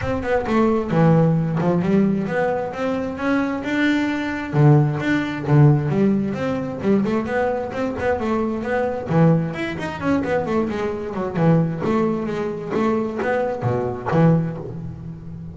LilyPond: \new Staff \with { instrumentName = "double bass" } { \time 4/4 \tempo 4 = 132 c'8 b8 a4 e4. f8 | g4 b4 c'4 cis'4 | d'2 d4 d'4 | d4 g4 c'4 g8 a8 |
b4 c'8 b8 a4 b4 | e4 e'8 dis'8 cis'8 b8 a8 gis8~ | gis8 fis8 e4 a4 gis4 | a4 b4 b,4 e4 | }